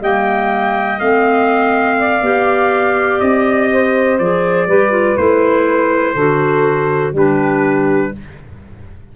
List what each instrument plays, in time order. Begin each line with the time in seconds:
0.00 tuba G3, clarinet A#3, saxophone D#5, trumpet G5
0.99 tuba A3, clarinet C4, trumpet F5
1.98 saxophone D5
2.22 tuba B3, clarinet G4
3.20 tuba C4, trumpet D#5
3.72 saxophone C5
4.19 tuba F3, clarinet G#4, trumpet D5
4.67 tuba G3, clarinet G4, saxophone B4
4.91 clarinet F4
5.17 tuba A3, clarinet E4, trumpet C5
6.14 tuba D3, clarinet F#4, saxophone A4
7.12 tuba G3, clarinet D4, saxophone G4, trumpet B4